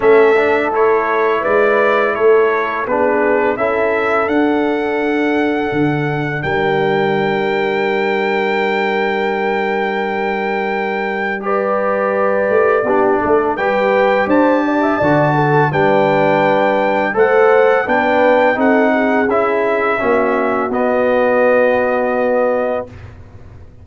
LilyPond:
<<
  \new Staff \with { instrumentName = "trumpet" } { \time 4/4 \tempo 4 = 84 e''4 cis''4 d''4 cis''4 | b'4 e''4 fis''2~ | fis''4 g''2.~ | g''1 |
d''2. g''4 | a''2 g''2 | fis''4 g''4 fis''4 e''4~ | e''4 dis''2. | }
  \new Staff \with { instrumentName = "horn" } { \time 4/4 a'2 b'4 a'4 | gis'4 a'2.~ | a'4 ais'2.~ | ais'1 |
b'2 g'8 a'8 b'4 | c''8 d''16 e''16 d''8 a'8 b'2 | c''4 b'4 a'8 gis'4. | fis'1 | }
  \new Staff \with { instrumentName = "trombone" } { \time 4/4 cis'8 d'8 e'2. | d'4 e'4 d'2~ | d'1~ | d'1 |
g'2 d'4 g'4~ | g'4 fis'4 d'2 | a'4 d'4 dis'4 e'4 | cis'4 b2. | }
  \new Staff \with { instrumentName = "tuba" } { \time 4/4 a2 gis4 a4 | b4 cis'4 d'2 | d4 g2.~ | g1~ |
g4. a8 b8 a8 g4 | d'4 d4 g2 | a4 b4 c'4 cis'4 | ais4 b2. | }
>>